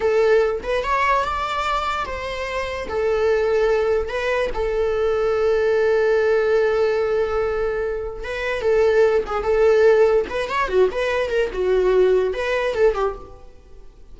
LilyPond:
\new Staff \with { instrumentName = "viola" } { \time 4/4 \tempo 4 = 146 a'4. b'8 cis''4 d''4~ | d''4 c''2 a'4~ | a'2 b'4 a'4~ | a'1~ |
a'1 | b'4 a'4. gis'8 a'4~ | a'4 b'8 cis''8 fis'8 b'4 ais'8 | fis'2 b'4 a'8 g'8 | }